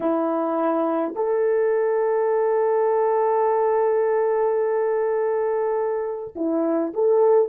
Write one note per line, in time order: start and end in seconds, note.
0.00 1.14 E4
1.15 6.34 A4
6.35 6.93 E4
6.93 7.48 A4